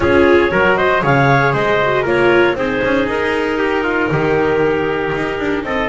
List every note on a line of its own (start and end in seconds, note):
0.00 0.50 C#4
0.00 0.50 F4
0.00 0.51 G#4
0.00 0.76 C#5
0.50 1.02 F#3
0.50 1.01 F#4
0.50 0.77 A#4
0.76 1.03 C5
0.76 1.02 D#5
1.01 1.54 C#3
1.01 1.78 G#4
1.01 1.53 C#5
1.01 1.53 F5
1.53 2.05 G#3
1.53 2.02 C5
1.53 2.05 D#5
1.82 2.05 F#4
2.02 2.55 A#3
2.02 2.56 F4
2.02 2.53 A#4
2.02 2.57 C#5
2.55 2.81 C4
2.55 5.88 D#4
2.55 3.58 G#4
2.55 3.08 C5
2.83 3.07 C#4
3.07 4.09 D#4
3.07 5.64 A#4
3.58 3.83 G4
3.83 4.09 F4
4.11 5.13 D#3
4.11 5.65 G4
5.15 5.39 D#4
5.39 5.63 D4
5.63 5.88 C4
5.63 5.88 A4
5.63 5.88 D#5